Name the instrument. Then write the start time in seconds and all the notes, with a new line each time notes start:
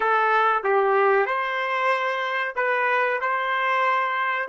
trumpet
0.00 A4
0.63 G4
1.26 C5
2.55 B4
3.20 C5